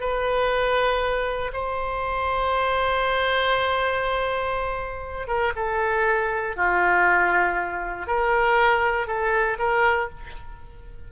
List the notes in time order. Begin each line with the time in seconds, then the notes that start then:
0.00 B4
1.53 C5
5.27 A#4
5.56 A4
6.56 F4
8.07 A#4
9.07 A4
9.59 A#4